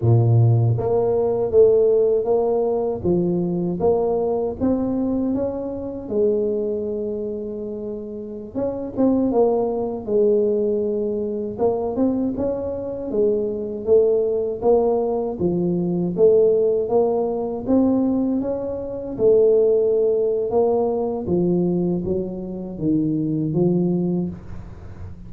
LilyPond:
\new Staff \with { instrumentName = "tuba" } { \time 4/4 \tempo 4 = 79 ais,4 ais4 a4 ais4 | f4 ais4 c'4 cis'4 | gis2.~ gis16 cis'8 c'16~ | c'16 ais4 gis2 ais8 c'16~ |
c'16 cis'4 gis4 a4 ais8.~ | ais16 f4 a4 ais4 c'8.~ | c'16 cis'4 a4.~ a16 ais4 | f4 fis4 dis4 f4 | }